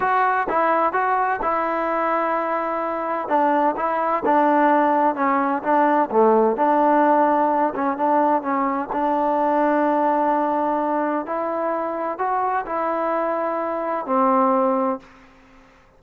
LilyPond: \new Staff \with { instrumentName = "trombone" } { \time 4/4 \tempo 4 = 128 fis'4 e'4 fis'4 e'4~ | e'2. d'4 | e'4 d'2 cis'4 | d'4 a4 d'2~ |
d'8 cis'8 d'4 cis'4 d'4~ | d'1 | e'2 fis'4 e'4~ | e'2 c'2 | }